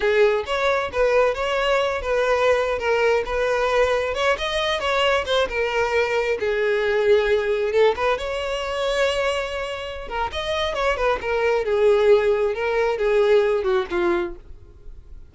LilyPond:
\new Staff \with { instrumentName = "violin" } { \time 4/4 \tempo 4 = 134 gis'4 cis''4 b'4 cis''4~ | cis''8 b'4.~ b'16 ais'4 b'8.~ | b'4~ b'16 cis''8 dis''4 cis''4 c''16~ | c''16 ais'2 gis'4.~ gis'16~ |
gis'4~ gis'16 a'8 b'8 cis''4.~ cis''16~ | cis''2~ cis''8 ais'8 dis''4 | cis''8 b'8 ais'4 gis'2 | ais'4 gis'4. fis'8 f'4 | }